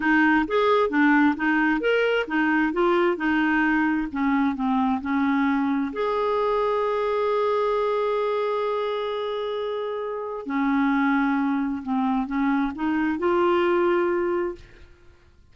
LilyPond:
\new Staff \with { instrumentName = "clarinet" } { \time 4/4 \tempo 4 = 132 dis'4 gis'4 d'4 dis'4 | ais'4 dis'4 f'4 dis'4~ | dis'4 cis'4 c'4 cis'4~ | cis'4 gis'2.~ |
gis'1~ | gis'2. cis'4~ | cis'2 c'4 cis'4 | dis'4 f'2. | }